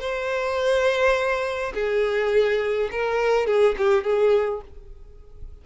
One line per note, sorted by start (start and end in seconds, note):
0.00 1.73 C5
1.75 2.90 G#4
2.92 3.47 A#4
3.47 3.76 G#4
3.78 4.04 G4
4.04 4.62 G#4